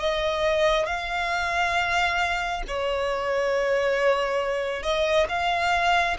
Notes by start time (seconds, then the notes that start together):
0.00 D#5
0.86 F5
2.68 C#5
4.83 D#5
5.29 F5